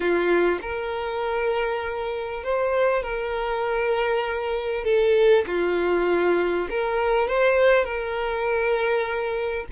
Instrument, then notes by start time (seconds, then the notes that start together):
violin
0.00 F4
0.61 A#4
2.43 C5
3.02 A#4
4.84 A4
5.46 F4
6.70 A#4
7.28 C5
7.84 A#4